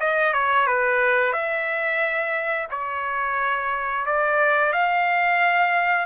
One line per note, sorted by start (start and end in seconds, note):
0.00 0.33 D#5
0.33 0.67 C#5
0.67 1.33 B4
1.33 2.68 E5
2.71 4.06 C#5
4.06 4.73 D5
4.73 6.06 F5